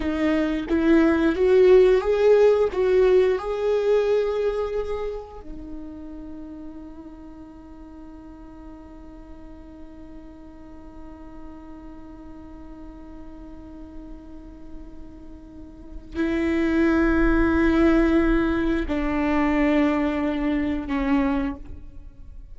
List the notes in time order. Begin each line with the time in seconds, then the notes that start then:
0.00 D#4
0.68 E4
1.35 F#4
2.01 G#4
2.72 F#4
3.38 G#4
5.41 D#4
16.16 E4
18.88 D4
20.87 C#4